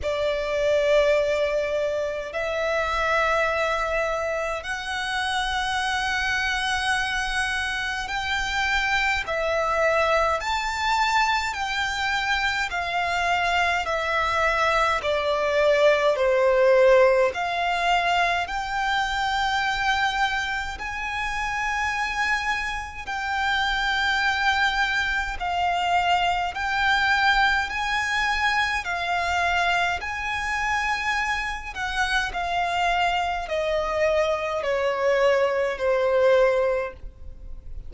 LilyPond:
\new Staff \with { instrumentName = "violin" } { \time 4/4 \tempo 4 = 52 d''2 e''2 | fis''2. g''4 | e''4 a''4 g''4 f''4 | e''4 d''4 c''4 f''4 |
g''2 gis''2 | g''2 f''4 g''4 | gis''4 f''4 gis''4. fis''8 | f''4 dis''4 cis''4 c''4 | }